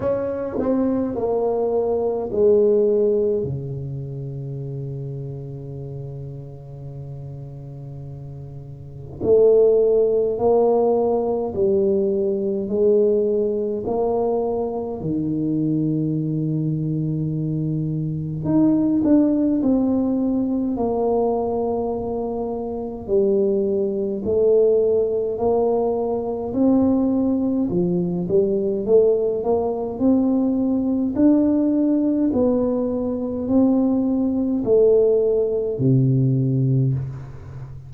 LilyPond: \new Staff \with { instrumentName = "tuba" } { \time 4/4 \tempo 4 = 52 cis'8 c'8 ais4 gis4 cis4~ | cis1 | a4 ais4 g4 gis4 | ais4 dis2. |
dis'8 d'8 c'4 ais2 | g4 a4 ais4 c'4 | f8 g8 a8 ais8 c'4 d'4 | b4 c'4 a4 c4 | }